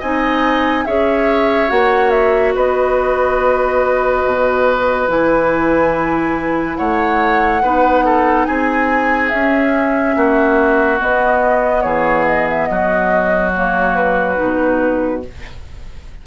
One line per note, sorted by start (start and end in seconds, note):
0.00 0.87 C4
0.00 0.86 D#4
0.00 0.85 D#5
0.00 0.86 G#5
0.86 1.71 C#4
0.86 1.68 G#4
0.86 2.55 C#5
0.86 1.70 E5
1.68 2.55 A#3
1.68 5.07 F#4
1.68 2.11 F#5
2.11 2.53 E5
2.55 4.24 B3
2.55 6.77 B4
2.55 5.10 D#5
4.26 5.08 B2
5.08 6.77 E3
5.08 7.61 E4
5.08 6.77 G#5
6.77 7.63 A3
6.77 7.62 C#5
6.77 8.45 F#5
7.63 8.48 B3
7.63 9.31 D#4
7.63 8.05 B4
8.05 8.47 A4
8.45 9.32 C4
8.45 10.16 G#4
8.45 9.30 G#5
9.30 10.99 C#4
9.30 10.16 C#4
9.30 10.99 E5
10.16 11.01 A#3
10.16 11.84 F#4
10.99 13.53 B3
10.99 11.85 B3
10.99 11.82 D#5
11.82 12.70 E3
11.82 12.69 G#4
11.82 12.24 C#5
12.27 12.48 D#5
12.49 12.66 E5
12.66 14.39 F#3
12.66 15.25 F#4
12.66 13.51 D#5
13.54 14.36 A#3
13.54 13.96 C#5
13.96 15.22 B4
14.36 15.20 D#4
14.42 15.27 B2